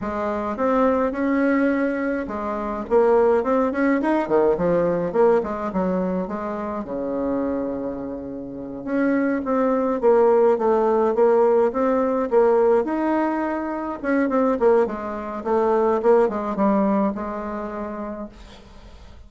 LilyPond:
\new Staff \with { instrumentName = "bassoon" } { \time 4/4 \tempo 4 = 105 gis4 c'4 cis'2 | gis4 ais4 c'8 cis'8 dis'8 dis8 | f4 ais8 gis8 fis4 gis4 | cis2.~ cis8 cis'8~ |
cis'8 c'4 ais4 a4 ais8~ | ais8 c'4 ais4 dis'4.~ | dis'8 cis'8 c'8 ais8 gis4 a4 | ais8 gis8 g4 gis2 | }